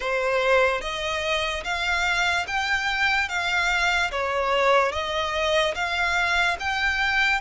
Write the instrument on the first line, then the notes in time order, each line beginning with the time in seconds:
violin
0.00 C5
0.81 D#5
1.64 F5
2.47 G5
3.28 F5
4.11 C#5
4.92 D#5
5.74 F5
6.59 G5